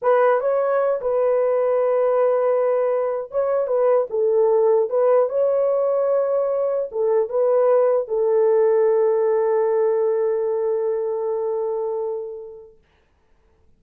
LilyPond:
\new Staff \with { instrumentName = "horn" } { \time 4/4 \tempo 4 = 150 b'4 cis''4. b'4.~ | b'1~ | b'16 cis''4 b'4 a'4.~ a'16~ | a'16 b'4 cis''2~ cis''8.~ |
cis''4~ cis''16 a'4 b'4.~ b'16~ | b'16 a'2.~ a'8.~ | a'1~ | a'1 | }